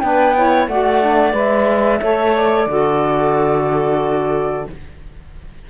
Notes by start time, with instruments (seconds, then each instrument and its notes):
0.00 cello B3, saxophone D4, clarinet B4, flute G5
0.35 saxophone E4, clarinet C#5
0.67 cello A3, saxophone F#4, clarinet D5, flute F#5
1.02 saxophone D4
1.33 cello G#3, saxophone B4, flute E5
2.02 cello A3, saxophone A4, clarinet C#5
2.36 flute D5
2.66 cello D3, saxophone F#4, clarinet A4